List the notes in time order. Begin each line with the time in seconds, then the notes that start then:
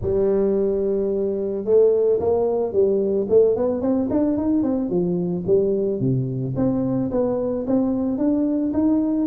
0.01 G3
1.64 A3
2.19 A#3
2.72 G3
3.29 A3
3.56 B3
3.81 C4
4.09 D4
4.37 D#4
4.62 C4
4.89 F3
5.46 G3
6.00 C3
6.56 C4
7.11 B3
7.66 C4
8.18 D4
8.73 D#4